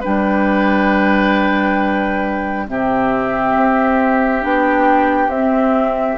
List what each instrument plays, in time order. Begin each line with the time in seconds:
0.00 bassoon G3, clarinet D4, oboe B4, flute G5
2.67 bassoon C3, clarinet C4, oboe G4, flute E5
3.56 bassoon C4
4.41 bassoon B3, clarinet D4, flute G5
5.28 bassoon C4, flute E5
5.37 clarinet C4